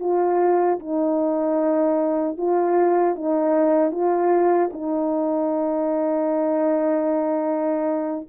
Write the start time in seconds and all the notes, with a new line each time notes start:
0.00 F4
0.79 D#4
2.37 F4
3.15 D#4
3.91 F4
4.72 D#4